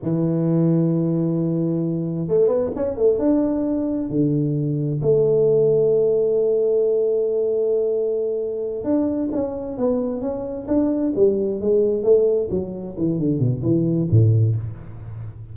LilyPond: \new Staff \with { instrumentName = "tuba" } { \time 4/4 \tempo 4 = 132 e1~ | e4 a8 b8 cis'8 a8 d'4~ | d'4 d2 a4~ | a1~ |
a2.~ a8 d'8~ | d'8 cis'4 b4 cis'4 d'8~ | d'8 g4 gis4 a4 fis8~ | fis8 e8 d8 b,8 e4 a,4 | }